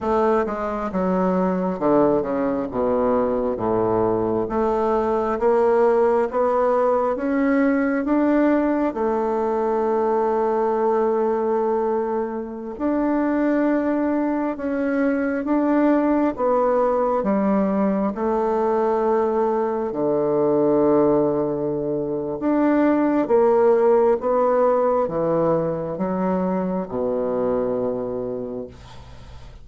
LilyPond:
\new Staff \with { instrumentName = "bassoon" } { \time 4/4 \tempo 4 = 67 a8 gis8 fis4 d8 cis8 b,4 | a,4 a4 ais4 b4 | cis'4 d'4 a2~ | a2~ a16 d'4.~ d'16~ |
d'16 cis'4 d'4 b4 g8.~ | g16 a2 d4.~ d16~ | d4 d'4 ais4 b4 | e4 fis4 b,2 | }